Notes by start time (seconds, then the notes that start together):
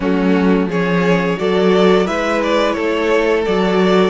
0.00 F#3 A3 C#4 F#4
0.66 F3 C#4 G#4 C#5
1.37 F#3 F#4 A4 D5
2.06 G#3 E4 B4 E5
2.42 D5
2.72 A3 A4 C#5
3.45 F#3 F#4 D5